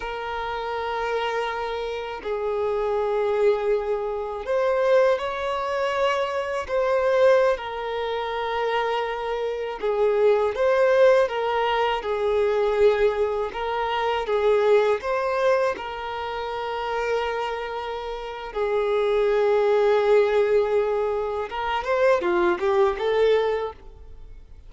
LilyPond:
\new Staff \with { instrumentName = "violin" } { \time 4/4 \tempo 4 = 81 ais'2. gis'4~ | gis'2 c''4 cis''4~ | cis''4 c''4~ c''16 ais'4.~ ais'16~ | ais'4~ ais'16 gis'4 c''4 ais'8.~ |
ais'16 gis'2 ais'4 gis'8.~ | gis'16 c''4 ais'2~ ais'8.~ | ais'4 gis'2.~ | gis'4 ais'8 c''8 f'8 g'8 a'4 | }